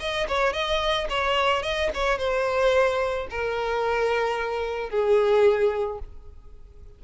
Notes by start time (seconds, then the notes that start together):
0.00 D#5
0.29 C#5
0.53 D#5
1.10 C#5
1.63 D#5
1.95 C#5
2.19 C5
3.31 A#4
4.90 G#4